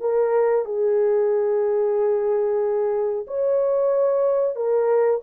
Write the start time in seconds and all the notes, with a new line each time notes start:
0.00 A#4
0.65 G#4
3.27 C#5
4.55 A#4